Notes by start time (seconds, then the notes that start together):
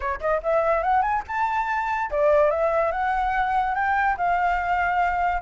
0.00 C#5
0.20 D#5
0.42 E5
0.82 F#5
1.02 G#5
1.27 A5
2.10 D5
2.50 E5
2.91 F#5
3.74 G5
4.17 F5